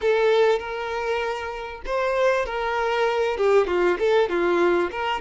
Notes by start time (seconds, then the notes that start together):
0.01 A4
0.59 A#4
1.85 C5
2.45 A#4
3.37 G4
3.67 F4
3.99 A4
4.29 F4
4.91 A#4